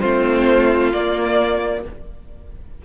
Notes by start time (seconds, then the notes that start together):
0.00 A3 C4 F4 C5
0.93 A#3 D5